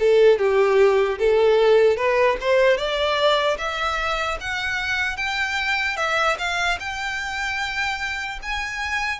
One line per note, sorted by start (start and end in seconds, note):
0.00 0.39 A4
0.39 1.19 G4
1.19 1.97 A4
1.97 2.37 B4
2.41 2.77 C5
2.77 3.57 D5
3.58 4.38 E5
4.41 5.17 F#5
5.17 5.97 G5
5.97 6.37 E5
6.39 6.79 F5
6.80 8.40 G5
8.43 9.20 G#5